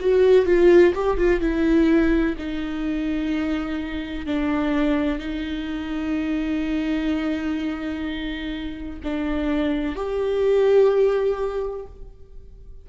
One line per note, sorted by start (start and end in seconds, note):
0.00 0.45 F#4
0.45 0.93 F4
0.94 1.17 G4
1.17 1.40 F4
1.40 2.35 E4
2.38 4.26 D#4
4.26 5.19 D4
5.19 9.00 D#4
9.03 9.95 D4
9.95 11.86 G4